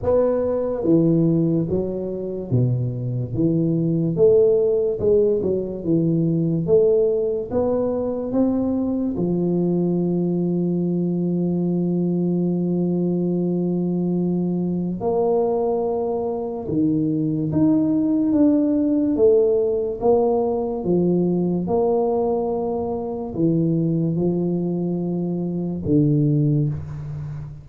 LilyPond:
\new Staff \with { instrumentName = "tuba" } { \time 4/4 \tempo 4 = 72 b4 e4 fis4 b,4 | e4 a4 gis8 fis8 e4 | a4 b4 c'4 f4~ | f1~ |
f2 ais2 | dis4 dis'4 d'4 a4 | ais4 f4 ais2 | e4 f2 d4 | }